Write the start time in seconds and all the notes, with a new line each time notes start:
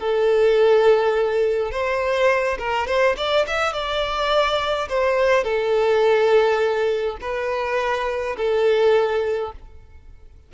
0.00 A4
1.72 C5
2.59 A#4
2.87 C5
3.17 D5
3.47 E5
3.73 D5
4.89 C5
5.44 A4
7.21 B4
8.37 A4